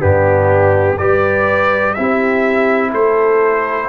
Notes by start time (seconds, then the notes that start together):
0.00 G2 B3 D4 G4
0.98 G3 G4 B4 D5
1.94 C4 E4 G4 E5
2.91 A3 A4 C5